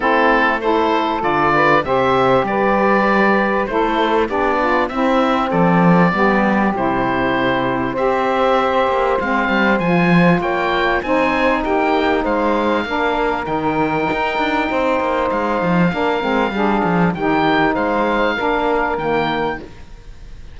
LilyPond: <<
  \new Staff \with { instrumentName = "oboe" } { \time 4/4 \tempo 4 = 98 a'4 c''4 d''4 e''4 | d''2 c''4 d''4 | e''4 d''2 c''4~ | c''4 e''2 f''4 |
gis''4 g''4 gis''4 g''4 | f''2 g''2~ | g''4 f''2. | g''4 f''2 g''4 | }
  \new Staff \with { instrumentName = "saxophone" } { \time 4/4 e'4 a'4. b'8 c''4 | b'2 a'4 g'8 f'8 | e'4 a'4 g'2~ | g'4 c''2.~ |
c''4 cis''4 c''4 g'4 | c''4 ais'2. | c''2 ais'4 gis'4 | g'4 c''4 ais'2 | }
  \new Staff \with { instrumentName = "saxophone" } { \time 4/4 c'4 e'4 f'4 g'4~ | g'2 e'4 d'4 | c'2 b4 e'4~ | e'4 g'2 c'4 |
f'2 dis'2~ | dis'4 d'4 dis'2~ | dis'2 d'8 c'8 d'4 | dis'2 d'4 ais4 | }
  \new Staff \with { instrumentName = "cello" } { \time 4/4 a2 d4 c4 | g2 a4 b4 | c'4 f4 g4 c4~ | c4 c'4. ais8 gis8 g8 |
f4 ais4 c'4 ais4 | gis4 ais4 dis4 dis'8 d'8 | c'8 ais8 gis8 f8 ais8 gis8 g8 f8 | dis4 gis4 ais4 dis4 | }
>>